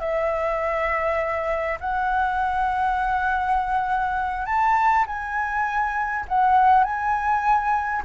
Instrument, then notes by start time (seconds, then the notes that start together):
flute
0.00 E5
1.80 F#5
4.46 A5
5.07 G#5
6.28 F#5
6.84 G#5